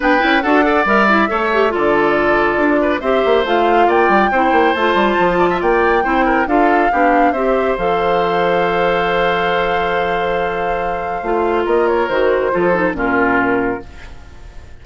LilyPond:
<<
  \new Staff \with { instrumentName = "flute" } { \time 4/4 \tempo 4 = 139 g''4 fis''4 e''2 | d''2. e''4 | f''4 g''2 a''4~ | a''4 g''2 f''4~ |
f''4 e''4 f''2~ | f''1~ | f''2. dis''8 cis''8 | c''2 ais'2 | }
  \new Staff \with { instrumentName = "oboe" } { \time 4/4 b'4 a'8 d''4. cis''4 | a'2~ a'8 b'8 c''4~ | c''4 d''4 c''2~ | c''8 d''16 e''16 d''4 c''8 ais'8 a'4 |
g'4 c''2.~ | c''1~ | c''2. ais'4~ | ais'4 a'4 f'2 | }
  \new Staff \with { instrumentName = "clarinet" } { \time 4/4 d'8 e'8 fis'8 a'8 ais'8 e'8 a'8 g'8 | f'2. g'4 | f'2 e'4 f'4~ | f'2 e'4 f'4 |
d'4 g'4 a'2~ | a'1~ | a'2 f'2 | fis'4 f'8 dis'8 cis'2 | }
  \new Staff \with { instrumentName = "bassoon" } { \time 4/4 b8 cis'8 d'4 g4 a4 | d2 d'4 c'8 ais8 | a4 ais8 g8 c'8 ais8 a8 g8 | f4 ais4 c'4 d'4 |
b4 c'4 f2~ | f1~ | f2 a4 ais4 | dis4 f4 ais,2 | }
>>